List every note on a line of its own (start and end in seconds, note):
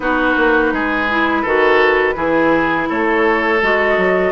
0.00 0.35 B3
0.00 1.08 D#4
0.00 0.73 F#4
0.00 2.88 B4
0.36 0.72 A#3
0.72 1.44 G#3
0.72 1.42 G#4
1.09 1.46 E4
1.42 2.15 D#3
1.42 2.14 F#4
1.42 2.14 A4
2.14 2.87 E3
2.14 3.58 E4
2.14 2.88 G#4
2.89 3.62 A3
2.89 4.32 A4
2.89 3.61 C#5
3.62 3.97 G#3
3.62 4.32 F#4
3.62 4.32 D#5
3.97 4.32 F#3